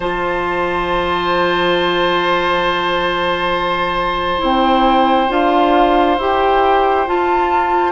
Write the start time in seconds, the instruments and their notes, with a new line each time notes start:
0.00 bassoon F3, clarinet F4, oboe C5, flute A5
4.38 bassoon C4, clarinet E4, flute G5
5.28 bassoon D4, clarinet F4, flute F5
6.17 bassoon E4, clarinet G4, flute G5
7.07 clarinet F4, bassoon F4, flute A5